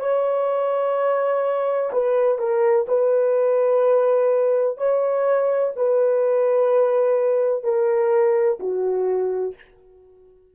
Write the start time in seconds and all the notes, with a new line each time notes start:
0.00 C#5
1.92 B4
2.39 A#4
2.88 B4
4.77 C#5
5.76 B4
7.64 A#4
8.60 F#4